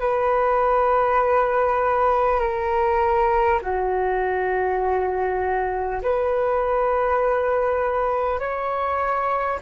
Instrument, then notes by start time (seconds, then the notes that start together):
flute
0.00 B4
2.40 A#4
3.62 F#4
6.03 B4
8.39 C#5